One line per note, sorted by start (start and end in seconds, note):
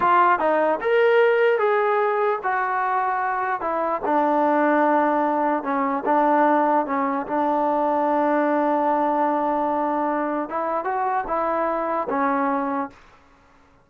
0.00 0.39 F4
0.39 0.79 D#4
0.81 1.58 A#4
1.58 2.39 G#4
2.43 3.60 F#4
3.60 4.01 E4
4.05 5.63 D4
5.63 6.03 C#4
6.05 6.85 D4
6.86 7.26 C#4
7.26 10.49 D4
10.49 10.84 E4
10.84 11.24 F#4
11.27 12.07 E4
12.09 12.89 C#4